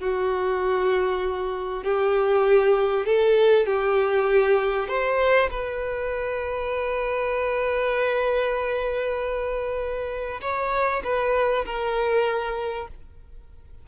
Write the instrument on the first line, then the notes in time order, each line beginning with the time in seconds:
violin
0.00 F#4
1.84 G4
3.06 A4
3.66 G4
4.88 C5
5.50 B4
10.41 C#5
11.04 B4
11.65 A#4